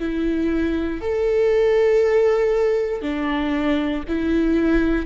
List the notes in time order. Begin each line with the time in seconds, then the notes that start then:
0.00 E4
1.01 A4
3.02 D4
4.09 E4